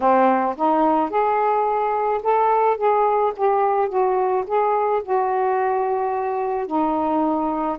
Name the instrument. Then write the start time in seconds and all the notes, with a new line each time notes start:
saxophone
0.00 C4
0.57 D#4
1.10 G#4
2.22 A4
2.77 G#4
3.36 G4
3.88 F#4
4.46 G#4
5.03 F#4
6.66 D#4